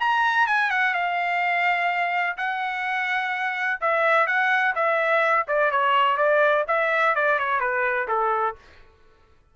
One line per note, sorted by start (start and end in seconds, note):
0.00 0.47 A#5
0.47 0.70 G#5
0.70 0.94 F#5
0.94 2.37 F5
2.37 3.80 F#5
3.81 4.27 E5
4.27 4.74 F#5
4.75 5.47 E5
5.48 5.71 D5
5.71 6.17 C#5
6.17 6.65 D5
6.68 7.15 E5
7.15 7.39 D5
7.39 7.60 C#5
7.60 8.08 B4
8.08 8.56 A4